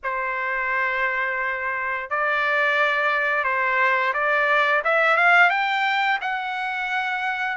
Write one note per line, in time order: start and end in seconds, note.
0.03 2.09 C5
2.09 3.44 D5
3.44 4.13 C5
4.13 4.82 D5
4.84 5.17 E5
5.17 5.50 F5
5.50 6.18 G5
6.21 7.57 F#5